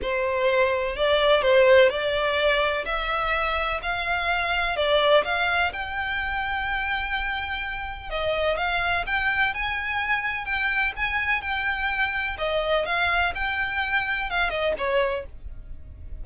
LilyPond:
\new Staff \with { instrumentName = "violin" } { \time 4/4 \tempo 4 = 126 c''2 d''4 c''4 | d''2 e''2 | f''2 d''4 f''4 | g''1~ |
g''4 dis''4 f''4 g''4 | gis''2 g''4 gis''4 | g''2 dis''4 f''4 | g''2 f''8 dis''8 cis''4 | }